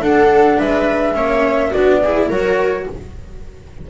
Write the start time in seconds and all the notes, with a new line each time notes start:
0.00 D4 A4 F#5
0.58 G#3 B4 E5
1.15 A#3 C#4 C#5
1.70 B3 D4 F#4 D5
2.03 E4 G#4
2.29 F#3 F#4 A#4 C#5